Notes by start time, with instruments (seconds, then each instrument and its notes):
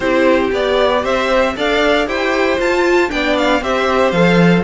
0.00 cello C4, viola E4, violin G4 C5
0.52 cello B3, viola G4, violin D5
1.03 cello C4, violin C5 E5
1.56 cello D4, viola A4, violin D5 F5
2.06 cello E4, viola G4, violin C5 G5
2.58 viola F4, cello F4, violin A5
3.09 cello B3, viola D4, violin D5 G5
3.37 violin F5
3.61 cello C4, viola G4, violin C5 E5
4.11 cello F3, viola A4, violin F5